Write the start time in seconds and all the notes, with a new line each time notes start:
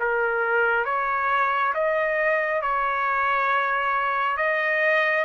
0.00 A#4
0.85 C#5
1.74 D#5
2.62 C#5
4.37 D#5